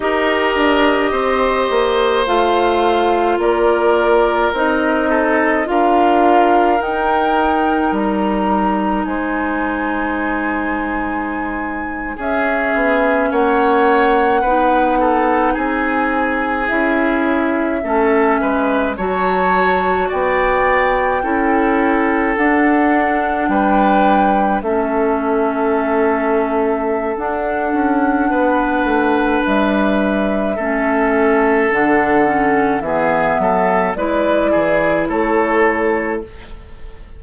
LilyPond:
<<
  \new Staff \with { instrumentName = "flute" } { \time 4/4 \tempo 4 = 53 dis''2 f''4 d''4 | dis''4 f''4 g''4 ais''4 | gis''2~ gis''8. e''4 fis''16~ | fis''4.~ fis''16 gis''4 e''4~ e''16~ |
e''8. a''4 g''2 fis''16~ | fis''8. g''4 e''2~ e''16 | fis''2 e''2 | fis''4 e''4 d''4 cis''4 | }
  \new Staff \with { instrumentName = "oboe" } { \time 4/4 ais'4 c''2 ais'4~ | ais'8 a'8 ais'2. | c''2~ c''8. gis'4 cis''16~ | cis''8. b'8 a'8 gis'2 a'16~ |
a'16 b'8 cis''4 d''4 a'4~ a'16~ | a'8. b'4 a'2~ a'16~ | a'4 b'2 a'4~ | a'4 gis'8 a'8 b'8 gis'8 a'4 | }
  \new Staff \with { instrumentName = "clarinet" } { \time 4/4 g'2 f'2 | dis'4 f'4 dis'2~ | dis'2~ dis'8. cis'4~ cis'16~ | cis'8. dis'2 e'4 cis'16~ |
cis'8. fis'2 e'4 d'16~ | d'4.~ d'16 cis'2~ cis'16 | d'2. cis'4 | d'8 cis'8 b4 e'2 | }
  \new Staff \with { instrumentName = "bassoon" } { \time 4/4 dis'8 d'8 c'8 ais8 a4 ais4 | c'4 d'4 dis'4 g4 | gis2~ gis8. cis'8 b8 ais16~ | ais8. b4 c'4 cis'4 a16~ |
a16 gis8 fis4 b4 cis'4 d'16~ | d'8. g4 a2~ a16 | d'8 cis'8 b8 a8 g4 a4 | d4 e8 fis8 gis8 e8 a4 | }
>>